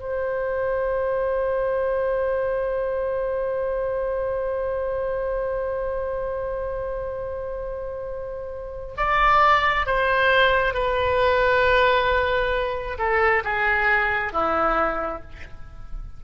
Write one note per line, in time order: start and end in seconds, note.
0.00 8.96 C5
8.98 9.87 D5
9.87 10.74 C5
10.74 12.98 B4
12.99 13.43 A4
13.45 14.33 G#4
14.33 15.23 E4